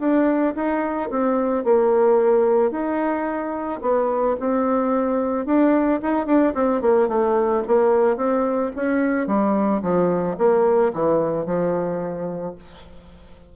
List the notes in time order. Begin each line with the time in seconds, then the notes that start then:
0.00 D4
0.56 D#4
1.11 C4
1.65 A#3
2.71 D#4
3.82 B3
4.40 C4
5.46 D4
6.03 D#4
6.27 D4
6.55 C4
6.82 A#3
7.09 A3
7.68 A#3
8.17 C4
8.76 C#4
9.28 G3
9.83 F3
10.38 A#3
10.94 E3
11.46 F3